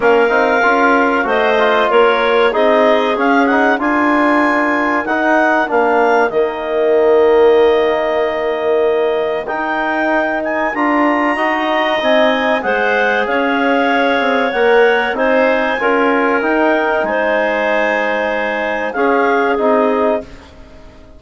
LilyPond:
<<
  \new Staff \with { instrumentName = "clarinet" } { \time 4/4 \tempo 4 = 95 f''2 dis''4 cis''4 | dis''4 f''8 fis''8 gis''2 | fis''4 f''4 dis''2~ | dis''2. g''4~ |
g''8 gis''8 ais''2 gis''4 | fis''4 f''2 fis''4 | gis''2 g''4 gis''4~ | gis''2 f''4 dis''4 | }
  \new Staff \with { instrumentName = "clarinet" } { \time 4/4 ais'2 c''4 ais'4 | gis'2 ais'2~ | ais'1~ | ais'1~ |
ais'2 dis''2 | c''4 cis''2. | c''4 ais'2 c''4~ | c''2 gis'2 | }
  \new Staff \with { instrumentName = "trombone" } { \time 4/4 cis'8 dis'8 f'4 fis'8 f'4. | dis'4 cis'8 dis'8 f'2 | dis'4 d'4 ais2~ | ais2. dis'4~ |
dis'4 f'4 fis'4 dis'4 | gis'2. ais'4 | dis'4 f'4 dis'2~ | dis'2 cis'4 dis'4 | }
  \new Staff \with { instrumentName = "bassoon" } { \time 4/4 ais8 c'8 cis'4 a4 ais4 | c'4 cis'4 d'2 | dis'4 ais4 dis2~ | dis2. dis'4~ |
dis'4 d'4 dis'4 c'4 | gis4 cis'4. c'8 ais4 | c'4 cis'4 dis'4 gis4~ | gis2 cis'4 c'4 | }
>>